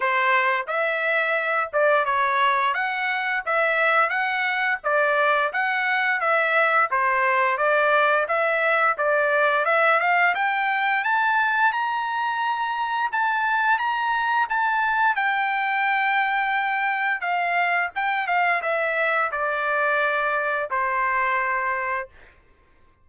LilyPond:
\new Staff \with { instrumentName = "trumpet" } { \time 4/4 \tempo 4 = 87 c''4 e''4. d''8 cis''4 | fis''4 e''4 fis''4 d''4 | fis''4 e''4 c''4 d''4 | e''4 d''4 e''8 f''8 g''4 |
a''4 ais''2 a''4 | ais''4 a''4 g''2~ | g''4 f''4 g''8 f''8 e''4 | d''2 c''2 | }